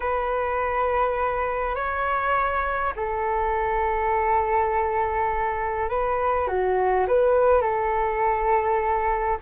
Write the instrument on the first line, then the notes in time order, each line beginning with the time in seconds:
flute
0.00 B4
1.75 C#5
2.95 A4
5.89 B4
6.47 F#4
7.07 B4
7.61 A4